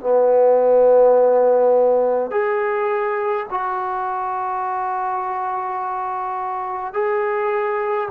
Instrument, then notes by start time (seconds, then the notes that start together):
trombone
0.00 B3
2.31 G#4
3.50 F#4
6.93 G#4